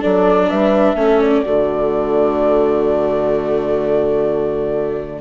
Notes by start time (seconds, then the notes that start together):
0.00 F#3 D4 A4 D5
0.49 G3 B4 E5
0.94 A3 C#4 A4
1.20 D5
1.43 D3 A3 F#4